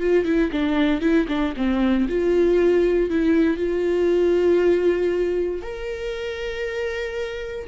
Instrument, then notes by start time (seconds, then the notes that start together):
viola
0.00 F4
0.25 E4
0.52 D4
1.01 E4
1.28 D4
1.56 C4
2.08 F4
3.10 E4
3.57 F4
5.62 A#4